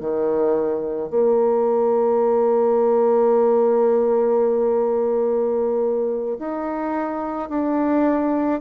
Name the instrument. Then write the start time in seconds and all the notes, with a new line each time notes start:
bassoon
0.00 D#3
1.10 A#3
6.38 D#4
7.49 D4